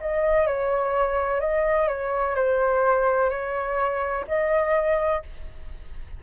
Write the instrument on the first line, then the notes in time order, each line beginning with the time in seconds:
flute
0.00 D#5
0.46 C#5
1.40 D#5
1.87 C#5
2.35 C5
3.30 C#5
4.27 D#5